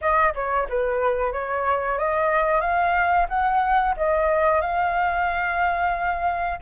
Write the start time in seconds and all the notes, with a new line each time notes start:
0.01 D#5
0.34 C#5
0.69 B4
1.32 C#5
1.98 D#5
2.60 F5
3.28 F#5
3.97 D#5
4.61 F5